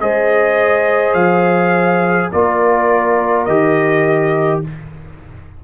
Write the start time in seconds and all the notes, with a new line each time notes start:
0.00 G#3 G#4 C5 D#5
1.13 F3 F5
2.31 A#3 F4 A#4 D5
3.44 D#3 G4 D#5